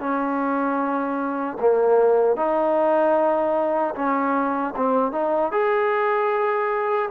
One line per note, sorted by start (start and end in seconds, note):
0.00 1.58 C#4
1.60 2.36 A#3
2.36 3.94 D#4
3.95 4.74 C#4
4.76 5.12 C4
5.12 5.52 D#4
5.52 7.10 G#4